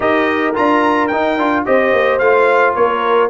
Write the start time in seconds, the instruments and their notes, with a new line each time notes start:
0.00 tuba D#4, trombone G4, horn A#4, trumpet D#5
0.54 tuba D4, trombone F4, trumpet A#5
1.07 tuba D#4, trombone D#4, trumpet G5
1.37 tuba D4, trombone F4
1.65 tuba C4, trombone G4, horn C5, trumpet D#5
1.92 tuba A#3
2.19 tuba A3, trombone F4, trumpet F5
2.75 tuba A#3, horn A#4, trumpet C#5